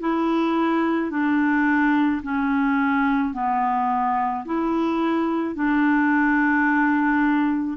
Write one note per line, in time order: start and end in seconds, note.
0.00 1.11 E4
1.11 2.22 D4
2.23 3.33 C#4
3.33 4.44 B3
4.45 5.55 E4
5.55 7.77 D4